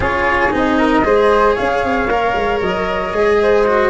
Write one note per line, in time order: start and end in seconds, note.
0.00 0.50 C#4
0.00 0.50 F4
0.00 0.78 G#4
0.00 0.55 C#5
0.51 1.05 C4
0.51 1.03 D#4
0.51 1.55 D#5
0.78 1.04 A#4
1.04 1.57 G#3
1.04 2.08 G#4
1.04 1.54 C5
1.54 1.83 C#4
1.54 3.36 C#5
1.54 2.59 F5
1.83 2.07 C4
2.07 2.33 A#3
2.07 3.14 A#4
2.34 2.61 G#3
2.61 3.13 F#3
2.61 3.89 D#5
3.13 3.89 G#3
3.13 3.66 G#4
3.41 3.89 C5
3.66 3.89 F#4